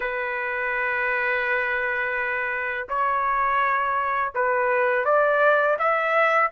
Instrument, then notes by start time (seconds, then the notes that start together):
trumpet
0.00 B4
2.88 C#5
4.34 B4
5.04 D5
5.78 E5